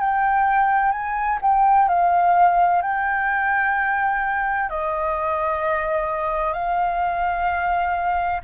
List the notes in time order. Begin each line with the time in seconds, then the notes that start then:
0.00 G5
0.92 G#5
1.41 G5
1.88 F5
2.82 G5
4.70 D#5
6.53 F5